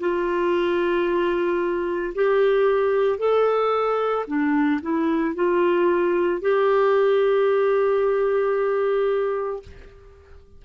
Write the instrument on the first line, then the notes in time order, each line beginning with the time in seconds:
clarinet
0.00 F4
2.15 G4
3.19 A4
4.28 D4
4.82 E4
5.36 F4
6.41 G4